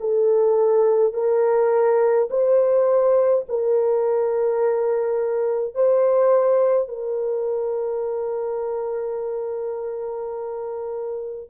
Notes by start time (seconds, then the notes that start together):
0.00 A4
1.13 A#4
2.30 C5
3.49 A#4
5.74 C5
6.88 A#4